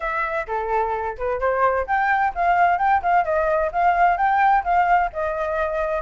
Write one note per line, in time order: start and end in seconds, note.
0.00 0.46 E5
0.47 1.16 A4
1.17 1.40 B4
1.40 1.86 C5
1.86 2.33 G5
2.35 2.78 F5
2.78 3.01 G5
3.02 3.24 F5
3.24 3.71 D#5
3.71 4.17 F5
4.17 4.63 G5
4.64 5.10 F5
5.12 6.02 D#5